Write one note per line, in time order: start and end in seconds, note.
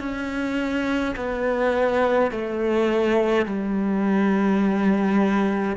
0.00 1.15 C#4
1.16 2.31 B3
2.31 3.46 A3
3.46 5.77 G3